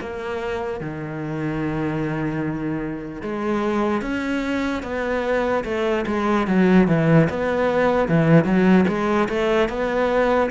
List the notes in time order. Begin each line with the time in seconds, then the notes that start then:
0.00 A#3
0.80 D#3
3.22 G#3
4.01 C#4
4.82 B3
5.64 A3
6.06 G#3
6.47 F#3
6.87 E3
7.29 B3
8.08 E3
8.44 F#3
8.87 G#3
9.28 A3
9.69 B3